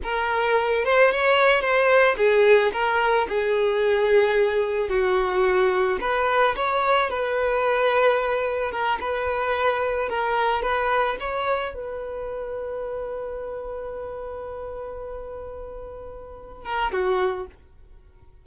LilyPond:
\new Staff \with { instrumentName = "violin" } { \time 4/4 \tempo 4 = 110 ais'4. c''8 cis''4 c''4 | gis'4 ais'4 gis'2~ | gis'4 fis'2 b'4 | cis''4 b'2. |
ais'8 b'2 ais'4 b'8~ | b'8 cis''4 b'2~ b'8~ | b'1~ | b'2~ b'8 ais'8 fis'4 | }